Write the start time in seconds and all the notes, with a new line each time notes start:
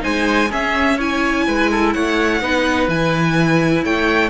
0.00 G#3 D#4 C5 G#5
0.50 C#4 G#4 E5
0.97 E4 C#5 G#5
1.47 G#3 B4
1.71 A4
1.93 A3 C#5 F#5
2.41 B3 D#4 B4
2.88 E3 E4 G#5
3.84 A3 C#5 G5